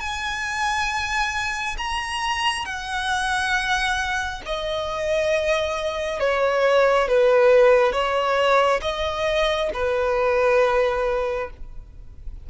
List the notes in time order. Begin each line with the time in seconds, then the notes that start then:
0.00 G#5
1.78 A#5
2.66 F#5
4.46 D#5
6.20 C#5
7.08 B4
7.92 C#5
8.82 D#5
9.73 B4